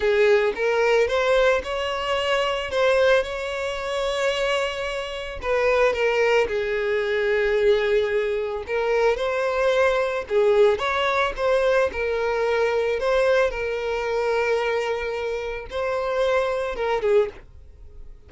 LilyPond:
\new Staff \with { instrumentName = "violin" } { \time 4/4 \tempo 4 = 111 gis'4 ais'4 c''4 cis''4~ | cis''4 c''4 cis''2~ | cis''2 b'4 ais'4 | gis'1 |
ais'4 c''2 gis'4 | cis''4 c''4 ais'2 | c''4 ais'2.~ | ais'4 c''2 ais'8 gis'8 | }